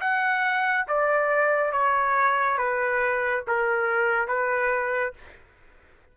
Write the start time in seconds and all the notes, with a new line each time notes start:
0.00 F#5
0.88 D5
1.72 C#5
2.58 B4
3.47 A#4
4.27 B4